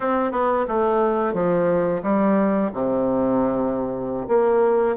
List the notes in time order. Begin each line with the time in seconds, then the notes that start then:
0.00 C4
0.31 B3
0.68 A3
1.33 F3
2.02 G3
2.73 C3
4.28 A#3